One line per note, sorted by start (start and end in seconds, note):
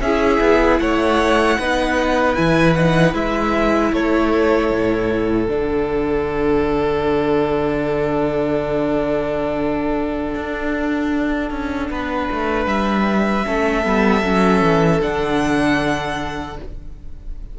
0.00 0.39 C#4
0.00 1.60 E4
0.00 0.81 G#4
0.00 0.79 E5
0.40 0.79 B3
0.79 1.58 A3
0.79 1.58 C#5
0.79 2.34 F#5
1.58 2.37 B3
1.58 2.36 D#4
1.58 3.92 B4
2.34 3.13 E3
2.34 2.75 E4
2.34 2.73 G#5
2.74 3.13 D#4
2.74 3.13 F#5
3.13 3.91 G#3
3.13 5.47 E4
3.13 3.93 E5
3.92 4.70 A3
3.92 11.91 A4
3.92 5.48 C#5
4.70 5.48 A2
5.48 10.35 D3
5.48 13.45 D4
5.48 12.67 F#5
10.35 11.50 D4
11.50 11.89 C#4
11.90 12.29 B3
11.90 13.46 B4
12.31 12.66 A3
12.66 13.44 G3
12.66 15.01 E5
13.45 13.85 A3
13.45 13.84 C#4
13.45 16.57 A4
13.84 14.24 G3
13.84 14.23 B3
14.23 14.62 F#3
14.23 15.01 C#4
14.62 15.00 E3
15.01 16.59 D3
15.01 16.57 D4
15.01 16.58 F#5